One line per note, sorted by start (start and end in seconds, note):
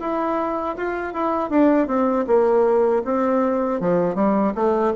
0.00 0.76 E4
0.77 1.14 F4
1.14 1.50 E4
1.50 1.87 D4
1.87 2.25 C4
2.27 3.03 A#3
3.05 3.81 C4
3.81 4.15 F3
4.15 4.53 G3
4.55 4.93 A3